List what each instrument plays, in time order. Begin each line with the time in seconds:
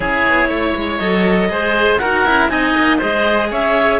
0.00 cello C#4 E4, oboe G#4, clarinet C#5
0.27 cello B3
0.48 cello A3, oboe C#5
0.75 cello G#3
0.98 cello F#3 A4, clarinet D#5
1.49 cello G#3 G#4, oboe C5
1.97 cello D#4 F#4, oboe A#4, clarinet F#5
2.25 cello C#4 E4
2.48 cello C4 D#4, oboe D#5, clarinet G#5
2.76 cello A#3
2.98 cello G#3 G#4, oboe C5, clarinet D#5
3.50 cello C#4, oboe C#5, clarinet E5